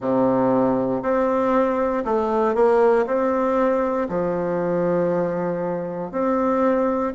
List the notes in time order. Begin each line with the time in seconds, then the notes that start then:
0.00 C3
1.02 C4
2.04 A3
2.54 A#3
3.06 C4
4.08 F3
6.11 C4